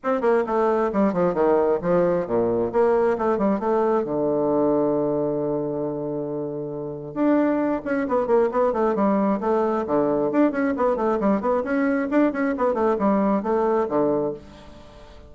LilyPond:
\new Staff \with { instrumentName = "bassoon" } { \time 4/4 \tempo 4 = 134 c'8 ais8 a4 g8 f8 dis4 | f4 ais,4 ais4 a8 g8 | a4 d2.~ | d1 |
d'4. cis'8 b8 ais8 b8 a8 | g4 a4 d4 d'8 cis'8 | b8 a8 g8 b8 cis'4 d'8 cis'8 | b8 a8 g4 a4 d4 | }